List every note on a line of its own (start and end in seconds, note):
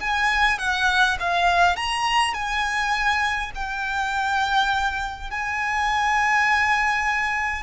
0.00 0.59 G#5
0.59 1.18 F#5
1.20 1.76 F5
1.76 2.34 A#5
2.34 3.51 G#5
3.55 5.30 G5
5.30 7.63 G#5